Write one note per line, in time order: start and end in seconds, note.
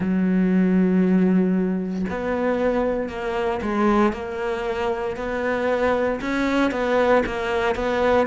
0.00 2.05 F#3
2.09 3.09 B3
3.09 3.61 A#3
3.62 4.12 G#3
4.12 5.16 A#3
5.16 6.20 B3
6.21 6.71 C#4
6.71 7.23 B3
7.26 7.75 A#3
7.75 8.27 B3